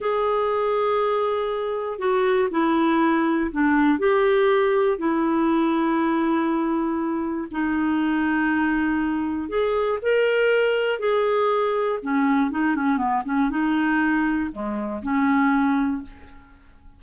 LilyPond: \new Staff \with { instrumentName = "clarinet" } { \time 4/4 \tempo 4 = 120 gis'1 | fis'4 e'2 d'4 | g'2 e'2~ | e'2. dis'4~ |
dis'2. gis'4 | ais'2 gis'2 | cis'4 dis'8 cis'8 b8 cis'8 dis'4~ | dis'4 gis4 cis'2 | }